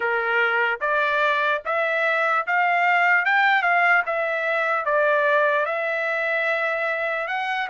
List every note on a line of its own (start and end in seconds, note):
0.00 0.79 A#4
0.81 1.62 D5
1.65 2.46 E5
2.47 3.25 F5
3.25 3.62 G5
3.62 4.02 F5
4.05 4.85 E5
4.85 5.65 D5
5.65 7.27 E5
7.27 7.68 F#5